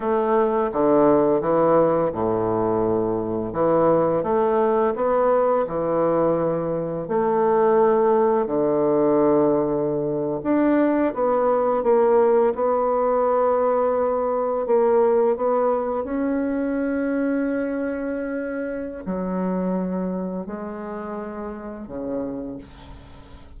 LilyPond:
\new Staff \with { instrumentName = "bassoon" } { \time 4/4 \tempo 4 = 85 a4 d4 e4 a,4~ | a,4 e4 a4 b4 | e2 a2 | d2~ d8. d'4 b16~ |
b8. ais4 b2~ b16~ | b8. ais4 b4 cis'4~ cis'16~ | cis'2. fis4~ | fis4 gis2 cis4 | }